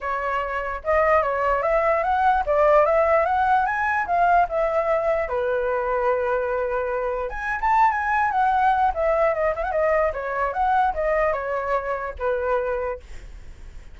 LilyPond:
\new Staff \with { instrumentName = "flute" } { \time 4/4 \tempo 4 = 148 cis''2 dis''4 cis''4 | e''4 fis''4 d''4 e''4 | fis''4 gis''4 f''4 e''4~ | e''4 b'2.~ |
b'2 gis''8. a''8. gis''8~ | gis''8 fis''4. e''4 dis''8 e''16 fis''16 | dis''4 cis''4 fis''4 dis''4 | cis''2 b'2 | }